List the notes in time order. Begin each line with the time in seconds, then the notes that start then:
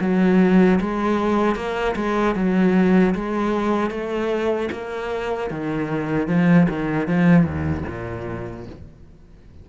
0.00 F#3
0.80 G#3
1.55 A#3
1.95 G#3
2.35 F#3
3.14 G#3
3.90 A3
4.71 A#3
5.50 D#3
6.27 F3
6.69 D#3
7.07 F3
7.44 D#2
7.87 A#2